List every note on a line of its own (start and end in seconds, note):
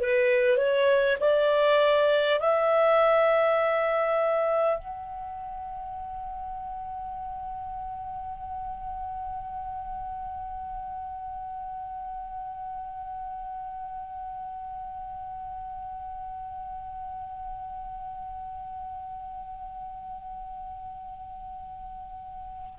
0.00 0.57 B4
0.57 1.17 C#5
1.21 2.39 D5
2.39 4.78 E5
4.78 22.78 F#5